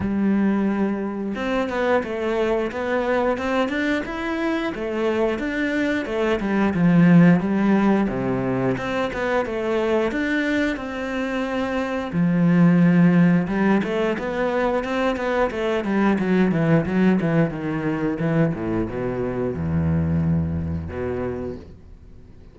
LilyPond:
\new Staff \with { instrumentName = "cello" } { \time 4/4 \tempo 4 = 89 g2 c'8 b8 a4 | b4 c'8 d'8 e'4 a4 | d'4 a8 g8 f4 g4 | c4 c'8 b8 a4 d'4 |
c'2 f2 | g8 a8 b4 c'8 b8 a8 g8 | fis8 e8 fis8 e8 dis4 e8 a,8 | b,4 e,2 b,4 | }